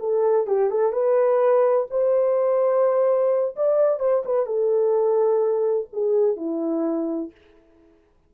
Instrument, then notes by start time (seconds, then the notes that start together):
horn
0.00 A4
0.47 G4
0.71 A4
0.93 B4
1.91 C5
3.56 D5
4.00 C5
4.26 B4
4.46 A4
5.93 G#4
6.37 E4